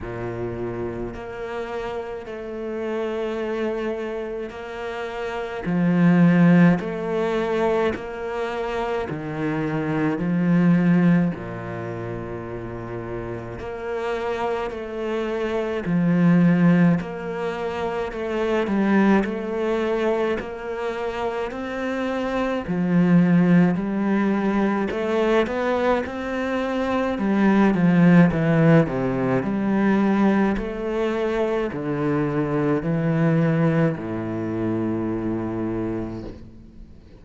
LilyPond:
\new Staff \with { instrumentName = "cello" } { \time 4/4 \tempo 4 = 53 ais,4 ais4 a2 | ais4 f4 a4 ais4 | dis4 f4 ais,2 | ais4 a4 f4 ais4 |
a8 g8 a4 ais4 c'4 | f4 g4 a8 b8 c'4 | g8 f8 e8 c8 g4 a4 | d4 e4 a,2 | }